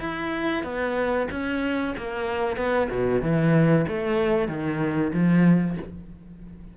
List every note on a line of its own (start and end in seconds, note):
0.00 0.64 E4
0.64 1.28 B3
1.31 1.95 C#4
1.98 2.57 A#3
2.57 2.89 B3
2.90 3.22 B2
3.22 3.86 E3
3.88 4.48 A3
4.48 5.12 D#3
5.13 5.77 F3